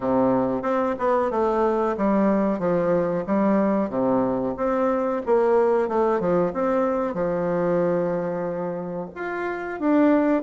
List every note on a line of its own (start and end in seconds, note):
0.00 0.62 C3
0.62 0.95 C4
0.98 1.30 B3
1.30 1.96 A3
1.97 2.59 G3
2.59 3.24 F3
3.26 3.89 G3
3.89 4.54 C3
4.56 5.21 C4
5.26 5.88 A#3
5.88 6.20 A3
6.20 6.52 F3
6.53 7.14 C4
7.14 9.09 F3
9.15 9.80 F4
9.80 10.43 D4